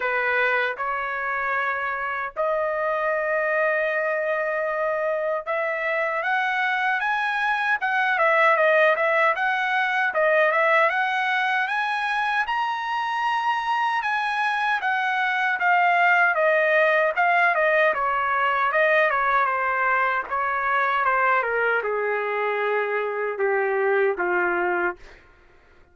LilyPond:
\new Staff \with { instrumentName = "trumpet" } { \time 4/4 \tempo 4 = 77 b'4 cis''2 dis''4~ | dis''2. e''4 | fis''4 gis''4 fis''8 e''8 dis''8 e''8 | fis''4 dis''8 e''8 fis''4 gis''4 |
ais''2 gis''4 fis''4 | f''4 dis''4 f''8 dis''8 cis''4 | dis''8 cis''8 c''4 cis''4 c''8 ais'8 | gis'2 g'4 f'4 | }